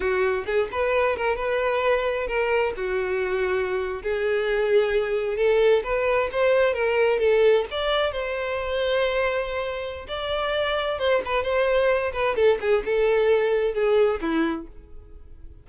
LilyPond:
\new Staff \with { instrumentName = "violin" } { \time 4/4 \tempo 4 = 131 fis'4 gis'8 b'4 ais'8 b'4~ | b'4 ais'4 fis'2~ | fis'8. gis'2. a'16~ | a'8. b'4 c''4 ais'4 a'16~ |
a'8. d''4 c''2~ c''16~ | c''2 d''2 | c''8 b'8 c''4. b'8 a'8 gis'8 | a'2 gis'4 e'4 | }